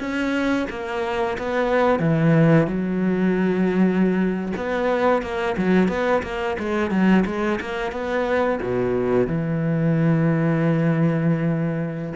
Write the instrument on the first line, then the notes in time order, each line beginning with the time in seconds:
cello
0.00 C#4
0.70 A#3
1.39 B3
2.00 E3
2.68 F#3
4.57 B3
5.23 A#3
5.58 F#3
5.89 B3
6.23 A#3
6.59 G#3
6.91 F#3
7.26 G#3
7.61 A#3
7.92 B3
8.63 B2
9.28 E3